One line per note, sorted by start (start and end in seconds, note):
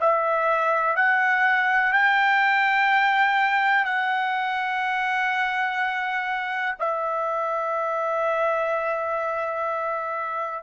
0.00 0.95 E5
0.95 1.92 F#5
1.92 3.84 G5
3.84 6.75 F#5
6.79 10.63 E5